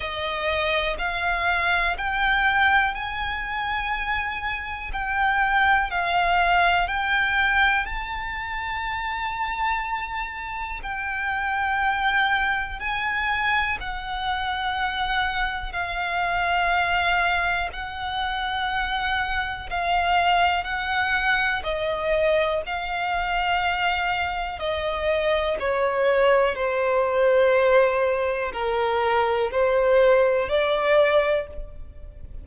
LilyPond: \new Staff \with { instrumentName = "violin" } { \time 4/4 \tempo 4 = 61 dis''4 f''4 g''4 gis''4~ | gis''4 g''4 f''4 g''4 | a''2. g''4~ | g''4 gis''4 fis''2 |
f''2 fis''2 | f''4 fis''4 dis''4 f''4~ | f''4 dis''4 cis''4 c''4~ | c''4 ais'4 c''4 d''4 | }